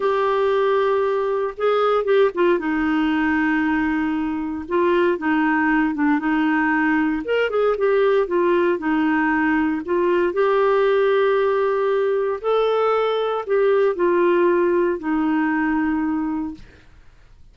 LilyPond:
\new Staff \with { instrumentName = "clarinet" } { \time 4/4 \tempo 4 = 116 g'2. gis'4 | g'8 f'8 dis'2.~ | dis'4 f'4 dis'4. d'8 | dis'2 ais'8 gis'8 g'4 |
f'4 dis'2 f'4 | g'1 | a'2 g'4 f'4~ | f'4 dis'2. | }